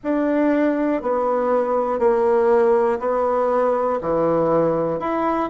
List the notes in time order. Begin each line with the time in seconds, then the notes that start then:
0.03 D4
1.02 B3
1.99 A#3
2.99 B3
4.01 E3
4.99 E4